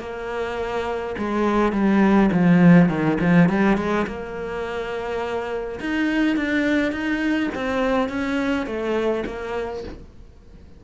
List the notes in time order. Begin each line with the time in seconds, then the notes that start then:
0.00 A#3
1.18 G#3
1.72 G3
2.32 F3
2.88 D#3
3.20 F3
3.49 G3
3.77 G#3
4.06 A#3
5.80 D#4
6.36 D4
6.92 D#4
7.54 C4
8.08 C#4
8.66 A3
9.26 A#3